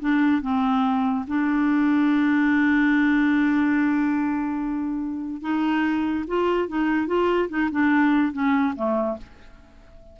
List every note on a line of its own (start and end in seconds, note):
0.00 0.42 D4
0.42 1.25 C4
1.27 5.41 D4
5.41 6.25 D#4
6.27 6.68 F4
6.68 7.07 D#4
7.07 7.48 F4
7.49 7.70 D#4
7.71 8.32 D4
8.32 8.74 C#4
8.75 9.17 A3